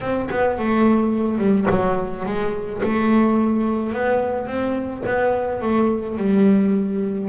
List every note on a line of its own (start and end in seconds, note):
0.00 0.28 C4
0.30 0.58 B3
0.58 1.38 A3
1.38 1.66 G3
1.70 2.25 F#3
2.25 2.81 G#3
2.82 3.93 A3
3.93 4.46 B3
4.46 5.02 C4
5.06 5.61 B3
5.61 6.17 A3
6.17 7.28 G3